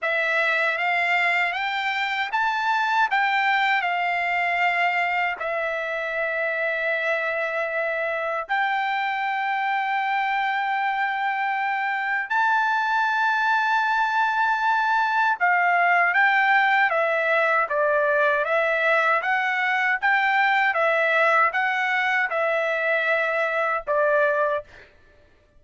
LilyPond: \new Staff \with { instrumentName = "trumpet" } { \time 4/4 \tempo 4 = 78 e''4 f''4 g''4 a''4 | g''4 f''2 e''4~ | e''2. g''4~ | g''1 |
a''1 | f''4 g''4 e''4 d''4 | e''4 fis''4 g''4 e''4 | fis''4 e''2 d''4 | }